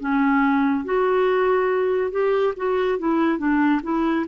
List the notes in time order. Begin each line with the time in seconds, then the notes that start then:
0.00 C#4
0.85 F#4
2.11 G4
2.57 F#4
2.98 E4
3.39 D4
3.83 E4